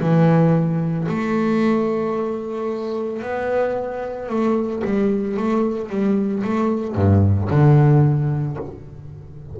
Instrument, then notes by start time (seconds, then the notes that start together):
double bass
0.00 E3
1.08 A3
3.22 B3
4.29 A3
4.84 G3
5.37 A3
5.89 G3
6.43 A3
6.94 G2
7.50 D3